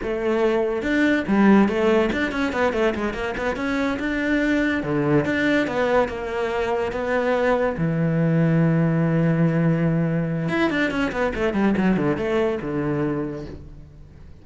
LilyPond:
\new Staff \with { instrumentName = "cello" } { \time 4/4 \tempo 4 = 143 a2 d'4 g4 | a4 d'8 cis'8 b8 a8 gis8 ais8 | b8 cis'4 d'2 d8~ | d8 d'4 b4 ais4.~ |
ais8 b2 e4.~ | e1~ | e4 e'8 d'8 cis'8 b8 a8 g8 | fis8 d8 a4 d2 | }